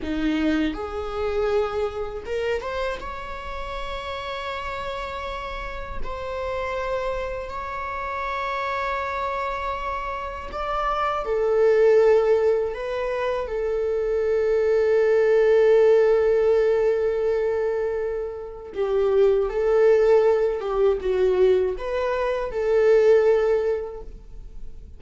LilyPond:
\new Staff \with { instrumentName = "viola" } { \time 4/4 \tempo 4 = 80 dis'4 gis'2 ais'8 c''8 | cis''1 | c''2 cis''2~ | cis''2 d''4 a'4~ |
a'4 b'4 a'2~ | a'1~ | a'4 g'4 a'4. g'8 | fis'4 b'4 a'2 | }